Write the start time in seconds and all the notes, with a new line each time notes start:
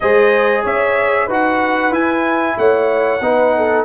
0.00 G#3 G#4 C5 D#5
0.63 C#4 C#5 E5
1.26 D#4 F#4 B4
1.32 F#5
1.91 E4 G#5
2.57 A3 C#5 F#5
3.20 B3 D#4 B4
3.57 A4